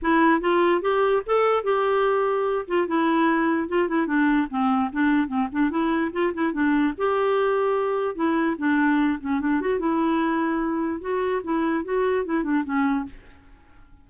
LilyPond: \new Staff \with { instrumentName = "clarinet" } { \time 4/4 \tempo 4 = 147 e'4 f'4 g'4 a'4 | g'2~ g'8 f'8 e'4~ | e'4 f'8 e'8 d'4 c'4 | d'4 c'8 d'8 e'4 f'8 e'8 |
d'4 g'2. | e'4 d'4. cis'8 d'8 fis'8 | e'2. fis'4 | e'4 fis'4 e'8 d'8 cis'4 | }